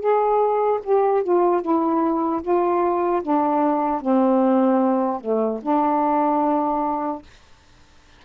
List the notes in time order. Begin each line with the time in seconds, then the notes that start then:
0.00 G#4
0.83 G4
1.24 F4
1.62 E4
2.42 F4
3.23 D4
4.01 C4
5.21 A3
5.62 D4